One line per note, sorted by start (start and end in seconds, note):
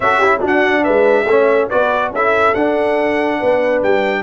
0.00 0.41 C#4
0.00 0.23 F#4
0.00 0.18 A4
0.00 0.41 E5
0.18 0.40 E4
0.18 0.39 G4
0.40 1.25 D4
0.40 0.87 D4
0.40 0.83 F#4
0.46 0.84 F#5
0.83 1.25 G#3
0.83 1.26 B4
0.83 1.69 E5
1.25 1.68 A3
1.25 1.70 C#4
1.25 1.69 C#5
1.69 2.10 B3
1.69 2.13 F#4
1.69 2.11 B4
1.69 2.12 D5
2.10 2.53 C#4
2.10 3.39 A4
2.10 2.54 E5
2.16 2.55 E4
2.54 4.23 D4
2.54 3.40 D4
2.54 3.81 F#5
3.39 3.82 B3
3.39 4.23 B4
3.82 4.23 G3
3.82 4.23 G5